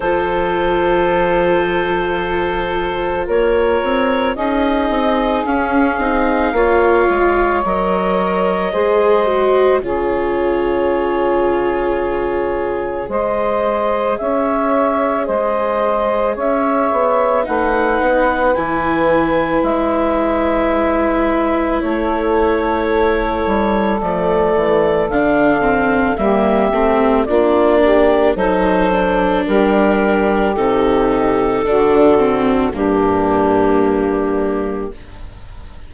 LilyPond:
<<
  \new Staff \with { instrumentName = "clarinet" } { \time 4/4 \tempo 4 = 55 c''2. cis''4 | dis''4 f''2 dis''4~ | dis''4 cis''2. | dis''4 e''4 dis''4 e''4 |
fis''4 gis''4 e''2 | cis''2 d''4 f''4 | e''4 d''4 c''4 ais'4 | a'2 g'2 | }
  \new Staff \with { instrumentName = "saxophone" } { \time 4/4 a'2. ais'4 | gis'2 cis''2 | c''4 gis'2. | c''4 cis''4 c''4 cis''4 |
b'1 | a'1 | g'4 f'8 g'8 a'4 g'4~ | g'4 fis'4 d'2 | }
  \new Staff \with { instrumentName = "viola" } { \time 4/4 f'1 | dis'4 cis'8 dis'8 f'4 ais'4 | gis'8 fis'8 f'2. | gis'1 |
dis'4 e'2.~ | e'2 a4 d'8 c'8 | ais8 c'8 d'4 dis'8 d'4. | dis'4 d'8 c'8 ais2 | }
  \new Staff \with { instrumentName = "bassoon" } { \time 4/4 f2. ais8 c'8 | cis'8 c'8 cis'8 c'8 ais8 gis8 fis4 | gis4 cis2. | gis4 cis'4 gis4 cis'8 b8 |
a8 b8 e4 gis2 | a4. g8 f8 e8 d4 | g8 a8 ais4 fis4 g4 | c4 d4 g,2 | }
>>